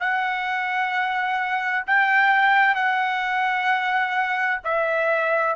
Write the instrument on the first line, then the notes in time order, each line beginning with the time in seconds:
trumpet
0.00 F#5
1.86 G5
2.74 F#5
4.64 E5